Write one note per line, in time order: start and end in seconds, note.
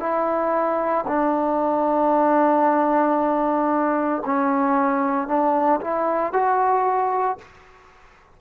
0.00 1.05 E4
1.08 4.23 D4
4.26 5.28 C#4
5.28 5.80 D4
5.81 6.33 E4
6.33 7.39 F#4